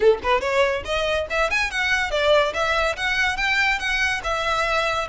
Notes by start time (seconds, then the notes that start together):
0.00 A4
0.23 B4
0.41 C#5
0.84 D#5
1.29 E5
1.50 G#5
1.70 F#5
2.10 D5
2.53 E5
2.96 F#5
3.36 G5
3.79 F#5
4.23 E5